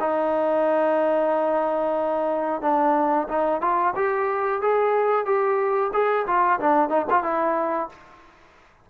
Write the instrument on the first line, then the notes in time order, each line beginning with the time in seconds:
trombone
0.00 D#4
2.61 D4
3.28 D#4
3.61 F4
3.96 G4
4.61 G#4
5.25 G4
5.93 G#4
6.26 F4
6.60 D4
6.89 D#4
7.10 F4
7.23 E4